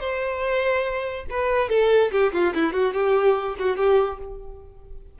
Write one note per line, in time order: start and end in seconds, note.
0.00 1.25 C5
1.30 1.69 B4
1.69 2.11 A4
2.11 2.32 G4
2.33 2.54 F4
2.54 2.73 E4
2.73 2.94 F#4
2.94 3.56 G4
3.59 3.77 F#4
3.77 4.19 G4